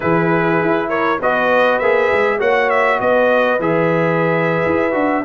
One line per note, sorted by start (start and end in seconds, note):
0.00 0.61 E3
0.00 1.17 E4
0.00 0.89 G#4
0.00 0.89 B4
0.61 1.20 E4
0.89 1.19 A#4
0.89 1.19 C#5
1.20 1.80 B3
1.20 1.82 F#4
1.20 2.39 B4
1.20 1.79 D#5
1.79 2.11 A#3
1.79 2.39 G#4
1.79 2.39 E5
2.12 2.40 G#3
2.39 3.00 A#3
2.39 3.59 F#4
2.39 2.99 C#5
2.39 2.69 F#5
2.69 2.99 E5
3.00 3.59 B3
3.00 5.24 B4
3.00 3.60 D#5
3.59 4.64 E3
3.59 4.91 G#4
3.59 5.24 E5
4.65 4.94 E4
4.91 5.24 D4
4.91 5.21 F#4